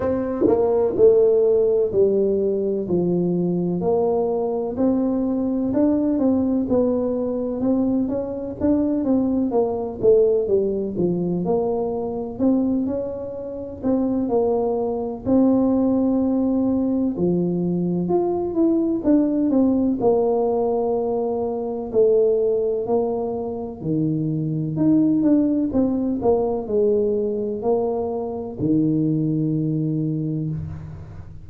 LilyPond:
\new Staff \with { instrumentName = "tuba" } { \time 4/4 \tempo 4 = 63 c'8 ais8 a4 g4 f4 | ais4 c'4 d'8 c'8 b4 | c'8 cis'8 d'8 c'8 ais8 a8 g8 f8 | ais4 c'8 cis'4 c'8 ais4 |
c'2 f4 f'8 e'8 | d'8 c'8 ais2 a4 | ais4 dis4 dis'8 d'8 c'8 ais8 | gis4 ais4 dis2 | }